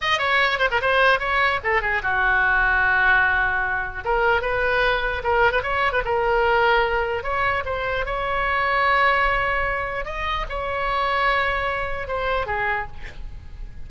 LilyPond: \new Staff \with { instrumentName = "oboe" } { \time 4/4 \tempo 4 = 149 dis''8 cis''4 c''16 ais'16 c''4 cis''4 | a'8 gis'8 fis'2.~ | fis'2 ais'4 b'4~ | b'4 ais'8. b'16 cis''8. b'16 ais'4~ |
ais'2 cis''4 c''4 | cis''1~ | cis''4 dis''4 cis''2~ | cis''2 c''4 gis'4 | }